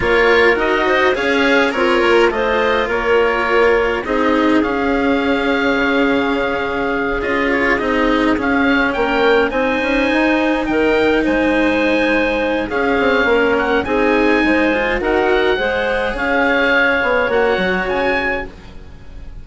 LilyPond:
<<
  \new Staff \with { instrumentName = "oboe" } { \time 4/4 \tempo 4 = 104 cis''4 dis''4 f''4 cis''4 | dis''4 cis''2 dis''4 | f''1~ | f''8 dis''8 cis''8 dis''4 f''4 g''8~ |
g''8 gis''2 g''4 gis''8~ | gis''2 f''4. fis''8 | gis''2 fis''2 | f''2 fis''4 gis''4 | }
  \new Staff \with { instrumentName = "clarinet" } { \time 4/4 ais'4. c''8 cis''4 f'4 | c''4 ais'2 gis'4~ | gis'1~ | gis'2.~ gis'8 ais'8~ |
ais'8 c''2 ais'4 c''8~ | c''2 gis'4 ais'4 | gis'4 c''4 ais'4 c''4 | cis''1 | }
  \new Staff \with { instrumentName = "cello" } { \time 4/4 f'4 fis'4 gis'4 ais'4 | f'2. dis'4 | cis'1~ | cis'8 f'4 dis'4 cis'4.~ |
cis'8 dis'2.~ dis'8~ | dis'2 cis'2 | dis'4. f'8 fis'4 gis'4~ | gis'2 fis'2 | }
  \new Staff \with { instrumentName = "bassoon" } { \time 4/4 ais4 dis'4 cis'4 c'8 ais8 | a4 ais2 c'4 | cis'2 cis2~ | cis8 cis'4 c'4 cis'4 ais8~ |
ais8 c'8 cis'8 dis'4 dis4 gis8~ | gis2 cis'8 c'8 ais4 | c'4 gis4 dis'4 gis4 | cis'4. b8 ais8 fis8 cis4 | }
>>